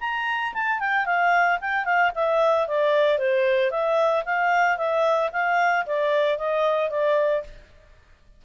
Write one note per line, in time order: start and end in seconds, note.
0.00 0.53 A#5
0.54 0.79 A5
0.79 1.05 G5
1.05 1.59 F5
1.61 1.85 G5
1.85 2.11 F5
2.15 2.67 E5
2.67 3.18 D5
3.18 3.70 C5
3.70 4.24 E5
4.25 4.77 F5
4.77 5.30 E5
5.32 5.85 F5
5.86 6.38 D5
6.38 6.90 D#5
6.90 7.43 D5